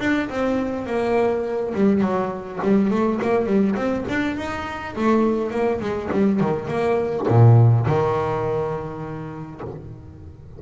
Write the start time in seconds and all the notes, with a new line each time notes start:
0.00 D4
0.29 C4
0.86 A#3
1.74 G3
2.01 F#3
2.62 G3
2.90 A3
3.22 A#3
3.46 G3
3.76 C4
4.09 D4
4.37 D#4
4.96 A3
5.51 A#3
5.80 G#3
6.12 G3
6.40 D#3
6.68 A#3
7.28 A#2
7.86 D#3